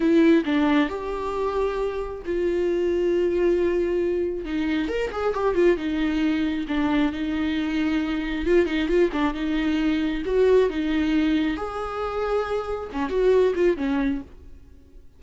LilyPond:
\new Staff \with { instrumentName = "viola" } { \time 4/4 \tempo 4 = 135 e'4 d'4 g'2~ | g'4 f'2.~ | f'2 dis'4 ais'8 gis'8 | g'8 f'8 dis'2 d'4 |
dis'2. f'8 dis'8 | f'8 d'8 dis'2 fis'4 | dis'2 gis'2~ | gis'4 cis'8 fis'4 f'8 cis'4 | }